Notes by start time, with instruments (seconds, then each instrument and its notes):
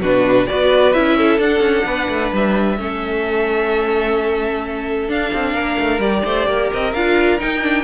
0.00 cello B2, viola D4, violin F#4 B4
0.47 cello B3, viola F#4, violin B4 D5
0.93 cello C#4, viola E4, violin E5
1.17 violin A4
1.38 cello D4, viola D4, violin F#5
1.60 cello C#4
1.84 cello B3, violin B4
2.08 cello A3
2.33 cello G3, violin E5
2.78 cello A3, viola C#4, violin A4
5.08 viola D4, cello D4, violin F5
5.33 cello C4
5.53 cello A#3, violin A#4
5.79 cello A3
5.99 cello G3, viola G4, violin D5
6.25 cello A3, violin C5
6.47 cello A#3, violin A#4
6.73 cello C4, violin D#5
6.93 cello D4, viola F4, violin F5
7.39 viola D#4, cello D#4, violin G5
7.61 viola D4